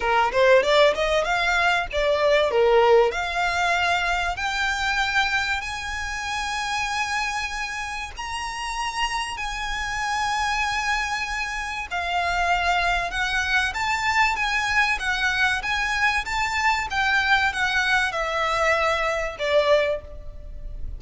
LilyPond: \new Staff \with { instrumentName = "violin" } { \time 4/4 \tempo 4 = 96 ais'8 c''8 d''8 dis''8 f''4 d''4 | ais'4 f''2 g''4~ | g''4 gis''2.~ | gis''4 ais''2 gis''4~ |
gis''2. f''4~ | f''4 fis''4 a''4 gis''4 | fis''4 gis''4 a''4 g''4 | fis''4 e''2 d''4 | }